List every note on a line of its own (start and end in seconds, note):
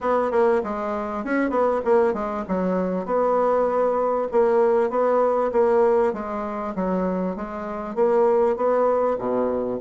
0.00 0.31 B3
0.31 0.61 A#3
0.63 1.24 G#3
1.24 1.50 C#4
1.50 1.80 B3
1.84 2.13 A#3
2.13 2.44 G#3
2.48 3.05 F#3
3.05 4.28 B3
4.31 4.90 A#3
4.90 5.51 B3
5.51 6.13 A#3
6.13 6.74 G#3
6.75 7.36 F#3
7.36 7.95 G#3
7.95 8.56 A#3
8.56 9.17 B3
9.18 9.79 B2